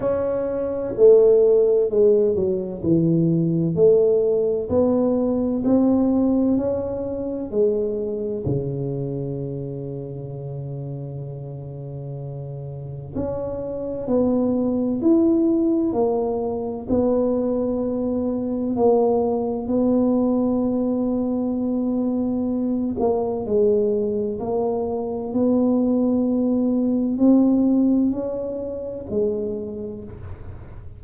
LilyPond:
\new Staff \with { instrumentName = "tuba" } { \time 4/4 \tempo 4 = 64 cis'4 a4 gis8 fis8 e4 | a4 b4 c'4 cis'4 | gis4 cis2.~ | cis2 cis'4 b4 |
e'4 ais4 b2 | ais4 b2.~ | b8 ais8 gis4 ais4 b4~ | b4 c'4 cis'4 gis4 | }